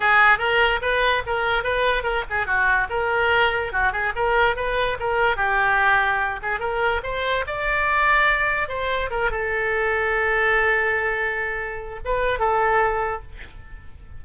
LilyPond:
\new Staff \with { instrumentName = "oboe" } { \time 4/4 \tempo 4 = 145 gis'4 ais'4 b'4 ais'4 | b'4 ais'8 gis'8 fis'4 ais'4~ | ais'4 fis'8 gis'8 ais'4 b'4 | ais'4 g'2~ g'8 gis'8 |
ais'4 c''4 d''2~ | d''4 c''4 ais'8 a'4.~ | a'1~ | a'4 b'4 a'2 | }